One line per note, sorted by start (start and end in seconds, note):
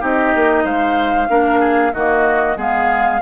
0.00 0.34 C4
0.00 1.28 D#4
0.00 0.64 G4
0.00 0.66 D#5
0.35 0.64 A#3
0.64 1.28 G#3
0.64 1.28 C5
0.64 1.93 F5
1.28 1.93 A#3
1.28 1.92 D4
1.28 1.60 A#4
1.60 1.92 G#4
1.93 2.57 D#3
1.93 2.57 A#3
1.93 2.57 F#4
1.93 2.57 D#5
2.57 3.20 G#3
2.57 3.20 B3
2.57 3.21 G#4
2.57 3.21 F5